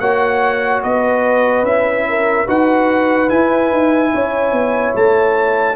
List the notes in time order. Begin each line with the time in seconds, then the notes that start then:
0.00 A#3 F#4 C#5 F#5
0.83 B3 B4 D#5
1.63 C#4 E4 E5
2.09 A#4
2.47 D#4 F#4 B4 F#5
3.28 E4 G#5
3.72 D#4
4.14 C#4 C#5
4.52 B3
4.95 A3 A5